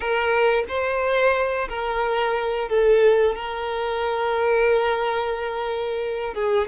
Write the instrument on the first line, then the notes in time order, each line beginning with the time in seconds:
violin
0.00 A#4
0.68 C5
1.68 A#4
2.68 A4
3.35 A#4
6.34 G#4